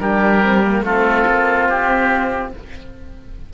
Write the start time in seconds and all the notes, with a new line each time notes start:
0.00 G3 D4 G4 A#4
0.42 C4
0.63 A#3
0.82 A3 C4 F4 A4
1.27 A#3
1.69 C4 G4